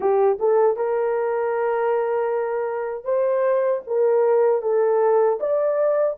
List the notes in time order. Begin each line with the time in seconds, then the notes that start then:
0.00 G4
0.38 A4
0.76 A#4
3.04 C5
3.86 A#4
4.62 A4
5.40 D5